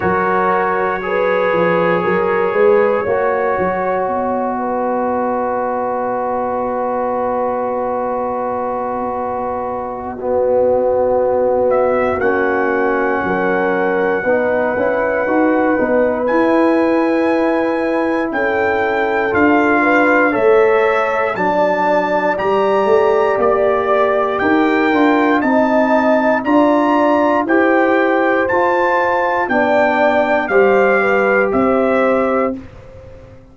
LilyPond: <<
  \new Staff \with { instrumentName = "trumpet" } { \time 4/4 \tempo 4 = 59 cis''1 | dis''1~ | dis''2.~ dis''8 e''8 | fis''1 |
gis''2 g''4 f''4 | e''4 a''4 ais''4 d''4 | g''4 a''4 ais''4 g''4 | a''4 g''4 f''4 e''4 | }
  \new Staff \with { instrumentName = "horn" } { \time 4/4 ais'4 b'4 ais'8 b'8 cis''4~ | cis''8 b'2.~ b'8~ | b'2 fis'2~ | fis'4 ais'4 b'2~ |
b'2 a'4. b'8 | cis''4 d''2. | ais'4 dis''4 d''4 c''4~ | c''4 d''4 c''8 b'8 c''4 | }
  \new Staff \with { instrumentName = "trombone" } { \time 4/4 fis'4 gis'2 fis'4~ | fis'1~ | fis'2 b2 | cis'2 dis'8 e'8 fis'8 dis'8 |
e'2. f'4 | a'4 d'4 g'2~ | g'8 f'8 dis'4 f'4 g'4 | f'4 d'4 g'2 | }
  \new Staff \with { instrumentName = "tuba" } { \time 4/4 fis4. f8 fis8 gis8 ais8 fis8 | b1~ | b1 | ais4 fis4 b8 cis'8 dis'8 b8 |
e'2 cis'4 d'4 | a4 fis4 g8 a8 ais4 | dis'8 d'8 c'4 d'4 e'4 | f'4 b4 g4 c'4 | }
>>